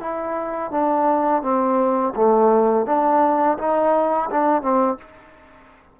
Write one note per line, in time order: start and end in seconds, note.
0.00 0.71 E4
0.71 1.42 D4
1.42 2.14 C4
2.15 2.86 A3
2.86 3.57 D4
3.58 4.29 D#4
4.31 4.62 D4
4.62 4.97 C4